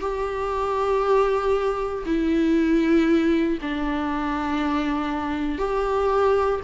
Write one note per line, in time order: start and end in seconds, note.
0.00 2.03 G4
2.05 3.58 E4
3.61 5.58 D4
5.58 6.60 G4